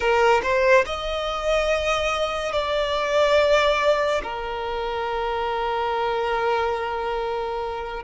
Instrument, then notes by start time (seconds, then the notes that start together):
violin
0.00 A#4
0.42 C5
0.86 D#5
2.52 D5
4.23 A#4